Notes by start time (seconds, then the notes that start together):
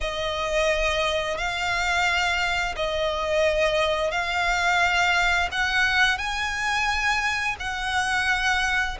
0.00 D#5
1.37 F5
2.76 D#5
4.11 F5
5.51 F#5
6.18 G#5
7.59 F#5